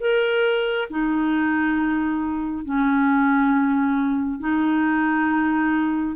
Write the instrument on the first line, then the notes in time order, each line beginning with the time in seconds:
clarinet
0.00 A#4
0.90 D#4
2.65 C#4
4.40 D#4